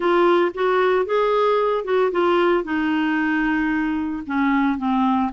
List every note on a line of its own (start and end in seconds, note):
0.00 0.52 F4
0.54 1.05 F#4
1.05 1.84 G#4
1.84 2.11 F#4
2.11 2.64 F4
2.64 4.23 D#4
4.26 4.78 C#4
4.78 5.31 C4